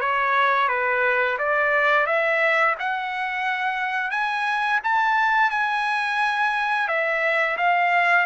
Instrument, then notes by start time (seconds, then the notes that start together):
trumpet
0.00 C#5
0.68 B4
1.38 D5
2.06 E5
2.79 F#5
4.11 G#5
4.83 A5
5.50 G#5
6.88 E5
7.57 F5